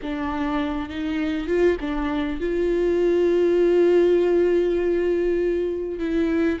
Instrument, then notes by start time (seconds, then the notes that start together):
viola
0.02 D4
0.89 D#4
1.47 F4
1.80 D4
2.40 F4
5.99 E4